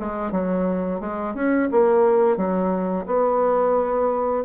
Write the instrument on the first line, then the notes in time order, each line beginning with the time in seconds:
bassoon
0.00 G#3
0.32 F#3
1.01 G#3
1.35 C#4
1.71 A#3
2.37 F#3
3.07 B3